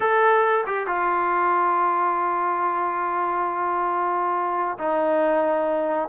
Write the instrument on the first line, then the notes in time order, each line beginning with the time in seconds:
trombone
0.00 A4
0.66 G4
0.86 F4
4.78 D#4